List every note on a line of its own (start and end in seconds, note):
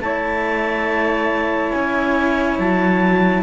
0.00 1.71 A3
0.00 3.43 E4
0.00 3.43 C#5
0.00 1.72 A5
1.72 2.59 C#4
1.72 2.57 G#5
2.59 3.43 F#3
2.59 3.43 A5